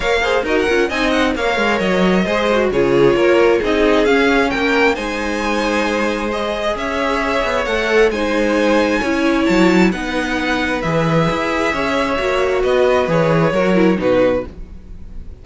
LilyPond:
<<
  \new Staff \with { instrumentName = "violin" } { \time 4/4 \tempo 4 = 133 f''4 dis''16 fis''8. gis''8 fis''8 f''4 | dis''2 cis''2 | dis''4 f''4 g''4 gis''4~ | gis''2 dis''4 e''4~ |
e''4 fis''4 gis''2~ | gis''4 a''4 fis''2 | e''1 | dis''4 cis''2 b'4 | }
  \new Staff \with { instrumentName = "violin" } { \time 4/4 cis''8 c''8 ais'4 dis''4 cis''4~ | cis''4 c''4 gis'4 ais'4 | gis'2 ais'4 c''4~ | c''2. cis''4~ |
cis''2 c''2 | cis''2 b'2~ | b'2 cis''2 | b'2 ais'4 fis'4 | }
  \new Staff \with { instrumentName = "viola" } { \time 4/4 ais'8 gis'8 fis'8 f'8 dis'4 ais'4~ | ais'4 gis'8 fis'8 f'2 | dis'4 cis'2 dis'4~ | dis'2 gis'2~ |
gis'4 a'4 dis'2 | e'2 dis'2 | gis'2. fis'4~ | fis'4 gis'4 fis'8 e'8 dis'4 | }
  \new Staff \with { instrumentName = "cello" } { \time 4/4 ais4 dis'8 cis'8 c'4 ais8 gis8 | fis4 gis4 cis4 ais4 | c'4 cis'4 ais4 gis4~ | gis2. cis'4~ |
cis'8 b8 a4 gis2 | cis'4 fis4 b2 | e4 e'4 cis'4 ais4 | b4 e4 fis4 b,4 | }
>>